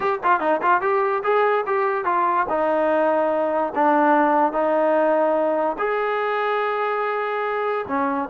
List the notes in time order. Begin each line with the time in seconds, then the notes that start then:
0.00 G4
0.23 F4
0.40 D#4
0.62 F4
0.81 G4
1.23 G#4
1.66 G4
2.04 F4
2.49 D#4
3.75 D4
4.52 D#4
5.78 G#4
7.87 C#4